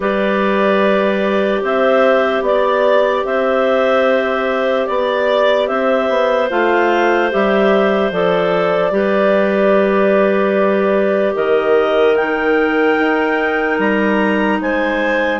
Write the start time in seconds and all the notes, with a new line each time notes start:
0.00 G3 G4 B4 D5
1.62 C4 C5 E5
2.41 B3 D5
3.25 C4 C5 E5
4.86 B3 D5
5.67 C4 C5 E5
6.09 B3
6.50 A3 F4 F5
7.30 G3 G4 E5
8.11 F3 A4 D5
8.91 G3 G4 B4
11.34 D#3 A#4 D#5
12.16 D#4 G5
12.99 D#4
13.79 G3 A#5
14.60 G#3 C5 G#5